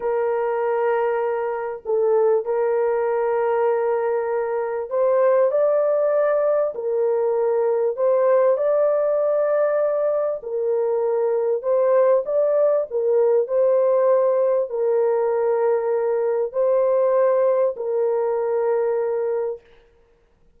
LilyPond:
\new Staff \with { instrumentName = "horn" } { \time 4/4 \tempo 4 = 98 ais'2. a'4 | ais'1 | c''4 d''2 ais'4~ | ais'4 c''4 d''2~ |
d''4 ais'2 c''4 | d''4 ais'4 c''2 | ais'2. c''4~ | c''4 ais'2. | }